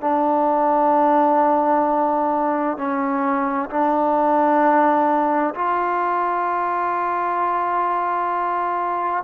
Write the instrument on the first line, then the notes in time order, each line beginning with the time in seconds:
trombone
0.00 D4
2.77 C#4
3.69 D4
5.54 F4